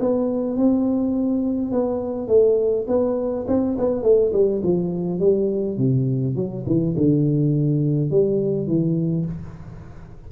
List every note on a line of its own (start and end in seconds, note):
0.00 0.57 B3
0.57 1.72 C4
1.72 2.28 B3
2.28 2.86 A3
2.88 3.46 B3
3.48 3.77 C4
3.78 4.03 B3
4.03 4.32 A3
4.33 4.62 G3
4.63 5.20 F3
5.20 5.78 G3
5.78 6.36 C3
6.36 6.65 F#3
6.66 6.96 E3
6.97 8.11 D3
8.11 8.67 G3
8.67 9.25 E3